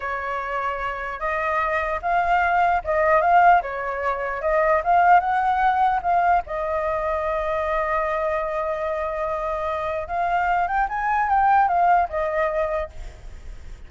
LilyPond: \new Staff \with { instrumentName = "flute" } { \time 4/4 \tempo 4 = 149 cis''2. dis''4~ | dis''4 f''2 dis''4 | f''4 cis''2 dis''4 | f''4 fis''2 f''4 |
dis''1~ | dis''1~ | dis''4 f''4. g''8 gis''4 | g''4 f''4 dis''2 | }